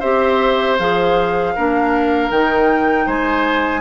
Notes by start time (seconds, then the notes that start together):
0.00 C4 G4 C5 E5
0.79 F3 G#4 F5
1.56 A#3 D4 A#4
2.31 D#3 D#4 G5
3.06 G#3 C5 G#5